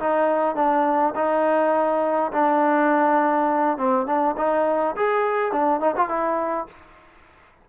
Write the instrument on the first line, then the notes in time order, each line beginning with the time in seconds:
trombone
0.00 D#4
0.56 D4
1.15 D#4
2.32 D4
3.78 C4
4.07 D4
4.38 D#4
4.96 G#4
5.52 D4
5.81 D#4
5.96 F4
6.09 E4